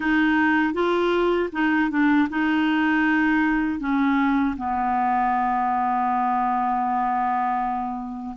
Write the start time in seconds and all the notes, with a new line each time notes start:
0.00 D#4
0.73 F4
1.52 D#4
1.90 D4
2.29 D#4
3.79 C#4
4.56 B3